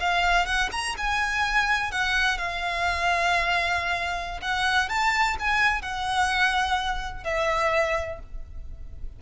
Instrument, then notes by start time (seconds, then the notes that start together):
violin
0.00 F5
0.46 F#5
0.72 A#5
0.98 G#5
1.92 F#5
2.38 F5
4.42 F#5
4.89 A5
5.40 G#5
5.82 F#5
7.24 E5